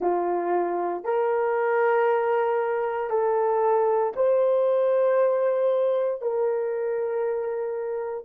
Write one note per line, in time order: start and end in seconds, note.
0.00 1.03 F4
1.03 3.09 A#4
3.09 4.13 A4
4.16 6.21 C5
6.21 8.25 A#4